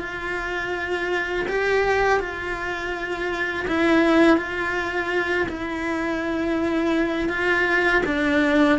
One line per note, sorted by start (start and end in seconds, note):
0.00 1.46 F4
1.48 2.20 G4
2.20 3.66 F4
3.68 4.38 E4
4.38 5.47 F4
5.48 7.29 E4
7.29 8.02 F4
8.06 8.79 D4